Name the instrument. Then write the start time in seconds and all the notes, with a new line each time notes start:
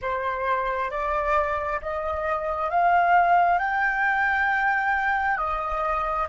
flute
0.01 C5
0.90 D5
1.82 D#5
2.69 F5
3.58 G5
5.37 D#5